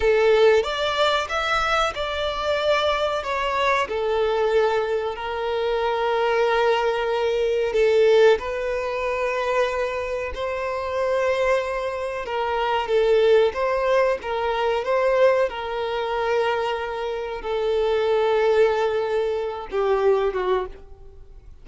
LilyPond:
\new Staff \with { instrumentName = "violin" } { \time 4/4 \tempo 4 = 93 a'4 d''4 e''4 d''4~ | d''4 cis''4 a'2 | ais'1 | a'4 b'2. |
c''2. ais'4 | a'4 c''4 ais'4 c''4 | ais'2. a'4~ | a'2~ a'8 g'4 fis'8 | }